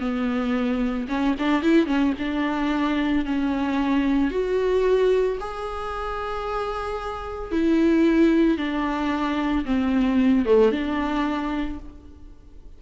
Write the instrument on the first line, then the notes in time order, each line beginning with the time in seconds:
viola
0.00 B3
1.08 C#4
1.39 D4
1.62 E4
1.86 C#4
2.19 D4
3.25 C#4
4.31 F#4
5.40 G#4
7.51 E4
8.58 D4
9.65 C4
10.45 A3
10.72 D4